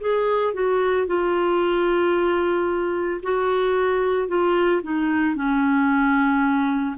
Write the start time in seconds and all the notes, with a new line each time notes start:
0.00 G#4
0.53 F#4
1.06 F4
3.23 F#4
4.28 F4
4.83 D#4
5.35 C#4